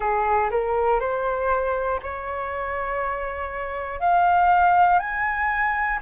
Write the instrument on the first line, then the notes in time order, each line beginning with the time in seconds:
flute
0.00 G#4
0.50 A#4
1.00 C5
2.02 C#5
4.00 F5
4.99 G#5